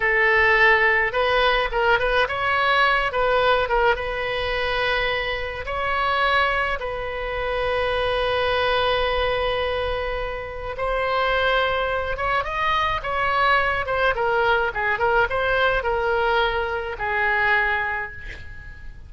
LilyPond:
\new Staff \with { instrumentName = "oboe" } { \time 4/4 \tempo 4 = 106 a'2 b'4 ais'8 b'8 | cis''4. b'4 ais'8 b'4~ | b'2 cis''2 | b'1~ |
b'2. c''4~ | c''4. cis''8 dis''4 cis''4~ | cis''8 c''8 ais'4 gis'8 ais'8 c''4 | ais'2 gis'2 | }